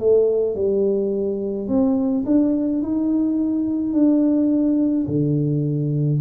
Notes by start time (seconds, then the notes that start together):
0.00 A3
0.55 G3
1.68 C4
2.26 D4
2.83 D#4
3.93 D4
5.07 D3